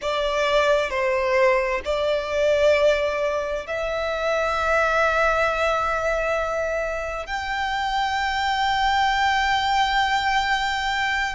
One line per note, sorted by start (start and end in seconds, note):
0.01 0.90 D5
0.90 1.81 C5
1.84 3.66 D5
3.66 7.26 E5
7.26 11.34 G5